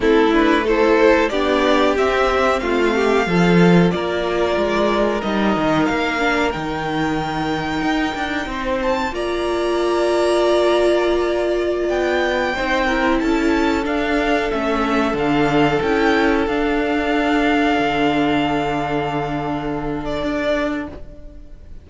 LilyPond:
<<
  \new Staff \with { instrumentName = "violin" } { \time 4/4 \tempo 4 = 92 a'8 b'8 c''4 d''4 e''4 | f''2 d''2 | dis''4 f''4 g''2~ | g''4. a''8 ais''2~ |
ais''2~ ais''16 g''4.~ g''16~ | g''16 a''4 f''4 e''4 f''8.~ | f''16 g''4 f''2~ f''8.~ | f''2~ f''8. d''4~ d''16 | }
  \new Staff \with { instrumentName = "violin" } { \time 4/4 e'4 a'4 g'2 | f'8 g'8 a'4 ais'2~ | ais'1~ | ais'4 c''4 d''2~ |
d''2.~ d''16 c''8 ais'16~ | ais'16 a'2.~ a'8.~ | a'1~ | a'1 | }
  \new Staff \with { instrumentName = "viola" } { \time 4/4 c'8 d'8 e'4 d'4 c'4~ | c'4 f'2. | dis'4. d'8 dis'2~ | dis'2 f'2~ |
f'2.~ f'16 dis'8 e'16~ | e'4~ e'16 d'4 cis'4 d'8.~ | d'16 e'4 d'2~ d'8.~ | d'1 | }
  \new Staff \with { instrumentName = "cello" } { \time 4/4 a2 b4 c'4 | a4 f4 ais4 gis4 | g8 dis8 ais4 dis2 | dis'8 d'8 c'4 ais2~ |
ais2~ ais16 b4 c'8.~ | c'16 cis'4 d'4 a4 d8.~ | d16 cis'4 d'2 d8.~ | d2. d'4 | }
>>